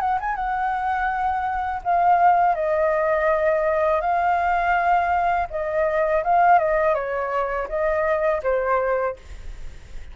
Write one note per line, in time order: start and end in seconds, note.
0.00 0.18 F#5
0.20 0.35 G#5
0.35 1.81 F#5
1.84 2.55 F5
2.55 4.01 D#5
4.01 5.47 F5
5.50 6.23 D#5
6.24 6.59 F5
6.59 6.94 D#5
6.94 7.68 C#5
7.68 8.41 D#5
8.43 9.16 C5